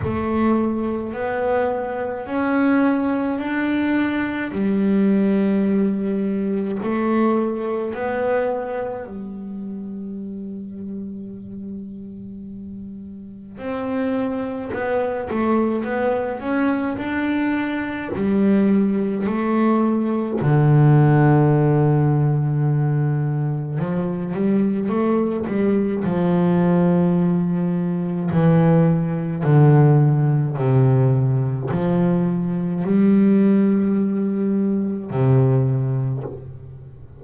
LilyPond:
\new Staff \with { instrumentName = "double bass" } { \time 4/4 \tempo 4 = 53 a4 b4 cis'4 d'4 | g2 a4 b4 | g1 | c'4 b8 a8 b8 cis'8 d'4 |
g4 a4 d2~ | d4 f8 g8 a8 g8 f4~ | f4 e4 d4 c4 | f4 g2 c4 | }